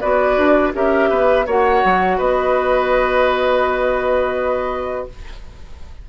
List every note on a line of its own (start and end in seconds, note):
0.00 0.37 B3
0.00 0.73 F#4
0.00 0.73 B4
0.00 0.72 D5
0.37 0.73 D4
0.73 1.10 C#4
0.73 1.45 G4
0.73 1.09 A#4
0.73 1.47 E5
1.09 1.46 B3
1.09 1.45 B4
1.46 1.82 A#3
1.46 5.09 F#4
1.46 2.17 C#5
1.46 2.19 F#5
1.84 2.19 F#3
2.17 5.08 B3
2.17 5.06 B4
2.17 5.08 D#5